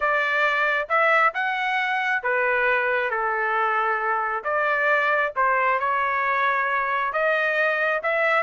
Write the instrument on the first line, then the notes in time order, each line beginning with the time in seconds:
trumpet
0.00 D5
0.88 E5
1.34 F#5
2.22 B4
3.10 A4
4.44 D5
5.36 C5
5.79 C#5
7.12 D#5
8.02 E5